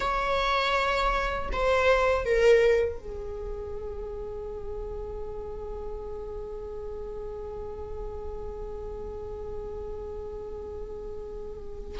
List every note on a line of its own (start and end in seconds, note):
0.00 1.49 C#5
1.52 2.25 C5
2.25 2.99 A#4
2.99 11.99 G#4